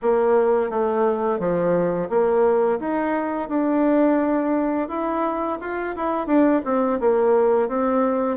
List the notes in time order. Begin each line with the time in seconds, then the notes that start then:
0.02 A#3
0.70 A3
1.39 F3
2.09 A#3
2.79 D#4
3.49 D4
4.88 E4
5.60 F4
5.96 E4
6.26 D4
6.64 C4
7.00 A#3
7.68 C4